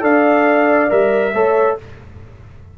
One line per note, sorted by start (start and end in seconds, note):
0.00 0.88 D4
0.00 0.87 A4
0.00 1.33 D5
0.00 0.90 F5
0.89 1.33 G3
0.89 1.33 A#4
0.89 1.77 E5
1.33 1.76 A3
1.33 1.78 A4
1.33 1.77 C#5